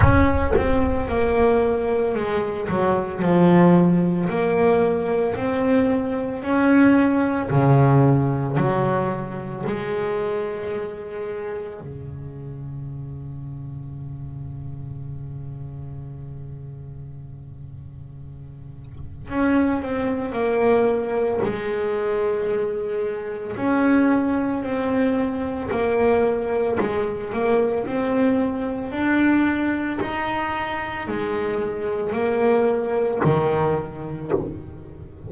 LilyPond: \new Staff \with { instrumentName = "double bass" } { \time 4/4 \tempo 4 = 56 cis'8 c'8 ais4 gis8 fis8 f4 | ais4 c'4 cis'4 cis4 | fis4 gis2 cis4~ | cis1~ |
cis2 cis'8 c'8 ais4 | gis2 cis'4 c'4 | ais4 gis8 ais8 c'4 d'4 | dis'4 gis4 ais4 dis4 | }